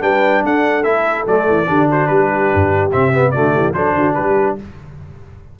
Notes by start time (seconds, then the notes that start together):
0.00 G3 D4 B4 G5
0.43 D4 A4 F#5
0.83 A3 E4 E5
1.26 F#3 A3 D5
1.49 E3
1.66 D3 D4 G4
1.89 F#4 C5
2.07 G3 G4 B4
2.54 G2
2.92 C3 C4 E5
3.13 B3
3.31 D3 A3 F#4 D5
3.53 E3 G4
3.73 F#3 D4 A4 C5
3.94 D3 F#4
4.14 G3 G4 B4